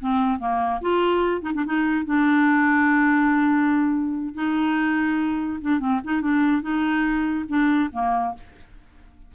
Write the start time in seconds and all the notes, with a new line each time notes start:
0.00 C4
0.39 A#3
0.81 F4
1.42 D#4
1.55 D4
1.66 D#4
2.05 D4
4.35 D#4
5.61 D4
5.80 C4
6.04 D#4
6.22 D4
6.62 D#4
7.48 D4
7.93 A#3